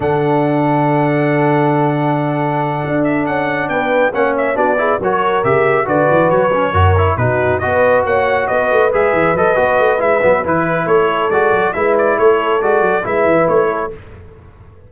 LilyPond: <<
  \new Staff \with { instrumentName = "trumpet" } { \time 4/4 \tempo 4 = 138 fis''1~ | fis''2. e''8 fis''8~ | fis''8 g''4 fis''8 e''8 d''4 cis''8~ | cis''8 e''4 d''4 cis''4.~ |
cis''8 b'4 dis''4 fis''4 dis''8~ | dis''8 e''4 dis''4. e''4 | b'4 cis''4 d''4 e''8 d''8 | cis''4 d''4 e''4 cis''4 | }
  \new Staff \with { instrumentName = "horn" } { \time 4/4 a'1~ | a'1~ | a'8 b'4 cis''4 fis'8 gis'8 ais'8~ | ais'4. b'2 ais'8~ |
ais'8 fis'4 b'4 cis''4 b'8~ | b'1~ | b'4 a'2 b'4 | a'2 b'4. a'8 | }
  \new Staff \with { instrumentName = "trombone" } { \time 4/4 d'1~ | d'1~ | d'4. cis'4 d'8 e'8 fis'8~ | fis'8 g'4 fis'4. cis'8 fis'8 |
e'8 dis'4 fis'2~ fis'8~ | fis'8 gis'4 a'8 fis'4 e'8 b8 | e'2 fis'4 e'4~ | e'4 fis'4 e'2 | }
  \new Staff \with { instrumentName = "tuba" } { \time 4/4 d1~ | d2~ d8 d'4 cis'8~ | cis'8 b4 ais4 b4 fis8~ | fis8 cis4 d8 e8 fis4 fis,8~ |
fis,8 b,4 b4 ais4 b8 | a8 gis8 e8 fis8 b8 a8 gis8 fis8 | e4 a4 gis8 fis8 gis4 | a4 gis8 fis8 gis8 e8 a4 | }
>>